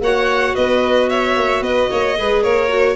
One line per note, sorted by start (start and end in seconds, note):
0.00 0.54 A#3
0.00 2.14 F#4
0.00 0.55 C#5
0.00 0.55 F#5
0.55 1.36 B3
0.55 1.09 B4
0.55 1.09 D#5
1.09 1.63 C#5
1.09 1.62 E5
1.36 1.61 A#3
1.61 1.88 B3
1.61 1.90 B4
1.61 2.43 D#5
1.91 2.17 A#3
1.91 2.18 C#5
2.14 2.43 G#3
2.14 2.68 G#4
2.14 2.43 B4
2.43 2.95 A#3
2.43 2.95 A#4
2.43 2.95 C#5
2.68 2.95 F#4